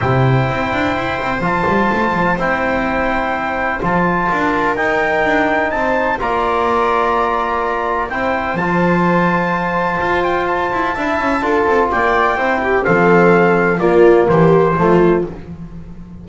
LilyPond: <<
  \new Staff \with { instrumentName = "trumpet" } { \time 4/4 \tempo 4 = 126 g''2. a''4~ | a''4 g''2. | a''2 g''2 | a''4 ais''2.~ |
ais''4 g''4 a''2~ | a''4. g''8 a''2~ | a''4 g''2 f''4~ | f''4 d''4 c''2 | }
  \new Staff \with { instrumentName = "viola" } { \time 4/4 c''1~ | c''1~ | c''4 ais'2. | c''4 d''2.~ |
d''4 c''2.~ | c''2. e''4 | a'4 d''4 c''8 g'8 a'4~ | a'4 f'4 g'4 f'4 | }
  \new Staff \with { instrumentName = "trombone" } { \time 4/4 e'2. f'4~ | f'4 e'2. | f'2 dis'2~ | dis'4 f'2.~ |
f'4 e'4 f'2~ | f'2. e'4 | f'2 e'4 c'4~ | c'4 ais2 a4 | }
  \new Staff \with { instrumentName = "double bass" } { \time 4/4 c4 c'8 d'8 e'8 c'8 f8 g8 | a8 f8 c'2. | f4 d'4 dis'4 d'4 | c'4 ais2.~ |
ais4 c'4 f2~ | f4 f'4. e'8 d'8 cis'8 | d'8 c'8 ais4 c'4 f4~ | f4 ais4 e4 f4 | }
>>